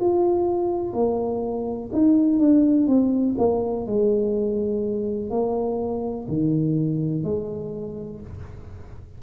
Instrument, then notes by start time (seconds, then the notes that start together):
tuba
0.00 F4
0.93 A#3
1.92 D#4
2.39 D4
2.87 C4
3.38 A#3
3.87 G#3
5.30 A#3
6.28 D#3
7.24 G#3